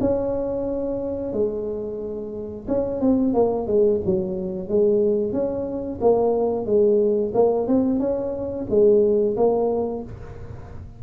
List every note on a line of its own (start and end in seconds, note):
0.00 1.33 C#4
1.33 2.66 G#3
2.67 3.00 C#4
3.00 3.33 C4
3.33 3.67 A#3
3.67 4.00 G#3
4.05 4.68 F#3
4.68 5.32 G#3
5.32 5.99 C#4
6.01 6.65 A#3
6.65 7.32 G#3
7.34 7.67 A#3
7.67 7.99 C4
7.99 8.65 C#4
8.69 9.36 G#3
9.36 10.03 A#3